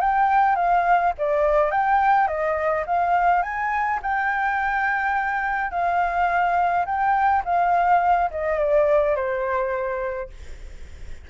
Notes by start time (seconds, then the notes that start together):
0.00 G5
0.55 F5
1.17 D5
1.71 G5
2.27 D#5
2.86 F5
3.42 G#5
4.02 G5
5.71 F5
6.85 G5
7.44 F5
8.30 D#5
8.58 D5
9.15 C5